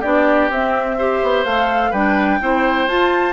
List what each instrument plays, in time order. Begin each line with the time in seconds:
0.00 bassoon B3, clarinet D4, oboe G4, flute D5
0.49 bassoon C4, clarinet C4, flute E5
0.98 clarinet G4, oboe C5
1.23 bassoon B3
1.44 bassoon A3, clarinet A4, flute F5
1.90 bassoon G3, clarinet D4, oboe B4, flute G5
2.41 bassoon C4, clarinet E4, oboe C5
2.87 bassoon F4, clarinet F4, flute A5